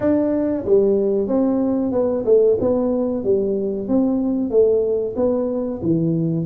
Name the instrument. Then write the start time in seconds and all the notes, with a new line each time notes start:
tuba
0.00 D4
0.65 G3
1.27 C4
1.92 B3
2.25 A3
2.60 B3
3.24 G3
3.88 C4
4.50 A3
5.16 B3
5.82 E3